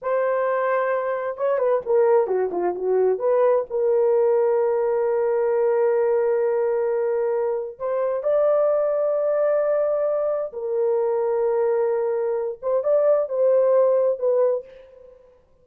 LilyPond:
\new Staff \with { instrumentName = "horn" } { \time 4/4 \tempo 4 = 131 c''2. cis''8 b'8 | ais'4 fis'8 f'8 fis'4 b'4 | ais'1~ | ais'1~ |
ais'4 c''4 d''2~ | d''2. ais'4~ | ais'2.~ ais'8 c''8 | d''4 c''2 b'4 | }